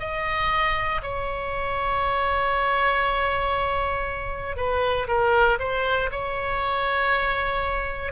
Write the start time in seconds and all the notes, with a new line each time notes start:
0.00 D#5
1.03 C#5
4.57 B4
5.08 A#4
5.60 C5
6.12 C#5